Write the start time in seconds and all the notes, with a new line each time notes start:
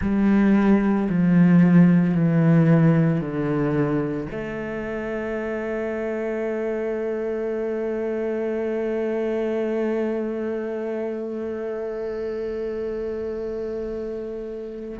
0.01 G3
1.09 F3
2.14 E3
3.20 D3
4.31 A3